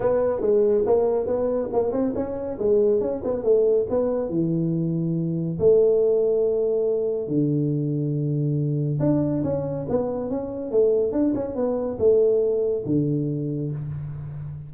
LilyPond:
\new Staff \with { instrumentName = "tuba" } { \time 4/4 \tempo 4 = 140 b4 gis4 ais4 b4 | ais8 c'8 cis'4 gis4 cis'8 b8 | a4 b4 e2~ | e4 a2.~ |
a4 d2.~ | d4 d'4 cis'4 b4 | cis'4 a4 d'8 cis'8 b4 | a2 d2 | }